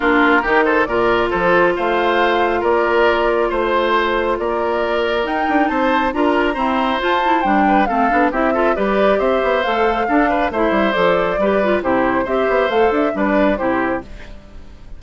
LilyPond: <<
  \new Staff \with { instrumentName = "flute" } { \time 4/4 \tempo 4 = 137 ais'4. c''8 d''4 c''4 | f''2 d''2 | c''2 d''2 | g''4 a''4 ais''2 |
a''4 g''4 f''4 e''4 | d''4 e''4 f''2 | e''4 d''2 c''4 | e''4 f''8 e''8 d''4 c''4 | }
  \new Staff \with { instrumentName = "oboe" } { \time 4/4 f'4 g'8 a'8 ais'4 a'4 | c''2 ais'2 | c''2 ais'2~ | ais'4 c''4 ais'4 c''4~ |
c''4. b'8 a'4 g'8 a'8 | b'4 c''2 a'8 b'8 | c''2 b'4 g'4 | c''2 b'4 g'4 | }
  \new Staff \with { instrumentName = "clarinet" } { \time 4/4 d'4 dis'4 f'2~ | f'1~ | f'1 | dis'2 f'4 c'4 |
f'8 e'8 d'4 c'8 d'8 e'8 f'8 | g'2 a'4 d'4 | e'4 a'4 g'8 f'8 e'4 | g'4 a'4 d'4 e'4 | }
  \new Staff \with { instrumentName = "bassoon" } { \time 4/4 ais4 dis4 ais,4 f4 | a2 ais2 | a2 ais2 | dis'8 d'8 c'4 d'4 e'4 |
f'4 g4 a8 b8 c'4 | g4 c'8 b8 a4 d'4 | a8 g8 f4 g4 c4 | c'8 b8 a8 d'8 g4 c4 | }
>>